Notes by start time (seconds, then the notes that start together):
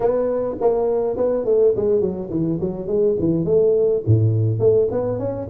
0.00 B3
0.61 A#3
1.16 B3
1.44 A3
1.75 G#3
2.01 F#3
2.29 E3
2.60 F#3
2.87 G#3
3.19 E3
3.45 A3
4.06 A2
4.59 A3
4.91 B3
5.18 C#4